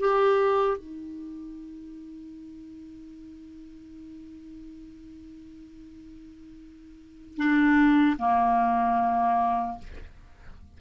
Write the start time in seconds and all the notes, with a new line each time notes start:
0.00 G4
0.78 D#4
7.37 D4
8.19 A#3